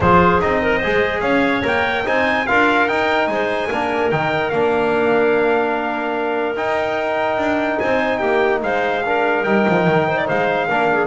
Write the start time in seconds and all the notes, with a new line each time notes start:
0.00 F3 F4 G#4 C5
0.40 C4 D#4 D#5
0.61 A#4
0.77 G#4 C5
0.85 G#3
1.21 C#4 C#5 F5
1.62 A#3 A#4 G5
2.05 C4 D#4 C5 G#5
2.46 D4 F4 A#4 F5
2.88 D#4 G5
3.27 G#3 C5 G#5
3.69 A#3 D4 A#4
4.11 D#3 D#4 G5
4.50 A#3 D4 F5
6.55 D#4 G5
7.37 D4
7.79 C4 C5 G#5
8.18 A#3 G4 G5
8.62 G#3 C5 F5
9.05 D4 A#4
9.43 G3 D#4 G5
9.68 F3
9.87 D#3
10.08 C5
10.17 D5
10.26 G#3 C5 F5
10.68 A#3 D4 A#4
10.92 G#4